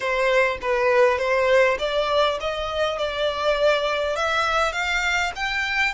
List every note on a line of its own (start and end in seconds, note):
0.00 0.58 C5
0.61 1.18 B4
1.18 1.77 C5
1.78 2.38 D5
2.40 2.98 D#5
2.98 4.16 D5
4.16 4.72 E5
4.72 5.31 F5
5.35 5.94 G5